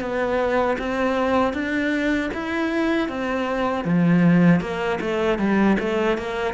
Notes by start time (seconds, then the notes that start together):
0.00 B3
0.79 C4
1.53 D4
2.34 E4
3.08 C4
3.85 F3
4.60 A#3
5.00 A3
5.38 G3
5.79 A3
6.18 A#3